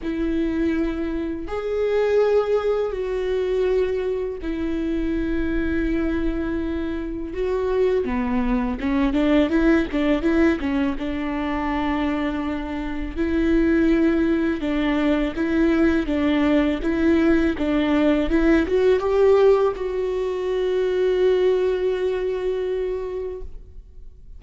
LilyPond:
\new Staff \with { instrumentName = "viola" } { \time 4/4 \tempo 4 = 82 e'2 gis'2 | fis'2 e'2~ | e'2 fis'4 b4 | cis'8 d'8 e'8 d'8 e'8 cis'8 d'4~ |
d'2 e'2 | d'4 e'4 d'4 e'4 | d'4 e'8 fis'8 g'4 fis'4~ | fis'1 | }